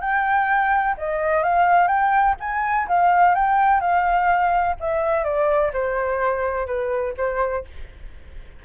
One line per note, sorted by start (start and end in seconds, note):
0.00 0.95 G5
0.97 1.43 D#5
1.43 1.87 F5
1.87 2.35 G5
2.40 2.87 G#5
2.88 3.34 F5
3.34 3.80 G5
3.80 4.76 F5
4.80 5.24 E5
5.24 5.71 D5
5.73 6.66 C5
6.66 7.14 B4
7.17 7.64 C5